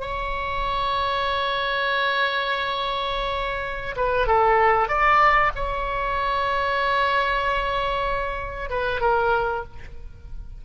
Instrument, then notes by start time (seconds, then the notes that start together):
oboe
0.00 C#5
3.96 B4
4.26 A4
4.88 D5
5.55 C#5
8.69 B4
9.00 A#4